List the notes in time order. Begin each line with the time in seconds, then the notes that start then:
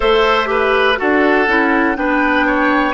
0.00 A3 A4 C5 E5
0.45 G4 B4
0.96 D4 F#4 A4 F#5
1.47 C#4 E4
1.95 B3 D4 B4 G5
2.46 C#5